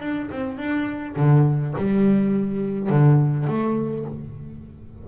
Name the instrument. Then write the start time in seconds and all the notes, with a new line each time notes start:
double bass
0.00 D4
0.31 C4
0.57 D4
1.16 D3
1.77 G3
2.89 D3
3.47 A3